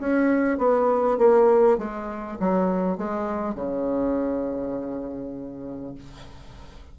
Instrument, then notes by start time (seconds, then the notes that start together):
bassoon
0.00 C#4
0.58 B3
1.18 A#3
1.78 G#3
2.40 F#3
2.98 G#3
3.55 C#3